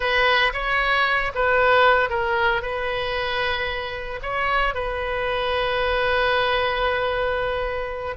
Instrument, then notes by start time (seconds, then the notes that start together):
oboe
0.00 B4
0.53 C#5
1.34 B4
2.09 A#4
2.62 B4
4.22 C#5
4.74 B4